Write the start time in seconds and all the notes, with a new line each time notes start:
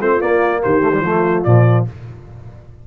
0.00 A3 C4 F4 C5
0.21 A#3 D5
0.63 D#3 G4 C5
0.82 A3
0.93 G3
1.01 F3 A3 F4
1.44 A#2 F3 D5